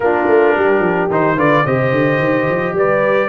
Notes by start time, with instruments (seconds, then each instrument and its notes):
0.00 tuba A#3, trombone D4, horn F4, trumpet A#4
0.28 tuba A3
0.56 tuba G3, horn G4
0.79 tuba F3
1.10 tuba D#3, trombone D#4, trumpet C5
1.36 tuba D3, trombone F4, horn B4, trumpet D5
1.65 tuba C3, trombone G4, horn C5, trumpet D#5
1.91 tuba D3
2.19 tuba D#3
2.49 tuba F3
2.73 tuba G3, horn B4, trumpet D5